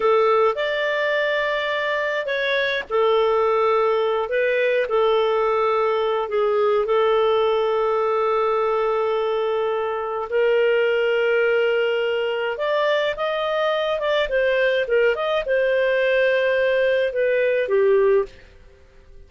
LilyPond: \new Staff \with { instrumentName = "clarinet" } { \time 4/4 \tempo 4 = 105 a'4 d''2. | cis''4 a'2~ a'8 b'8~ | b'8 a'2~ a'8 gis'4 | a'1~ |
a'2 ais'2~ | ais'2 d''4 dis''4~ | dis''8 d''8 c''4 ais'8 dis''8 c''4~ | c''2 b'4 g'4 | }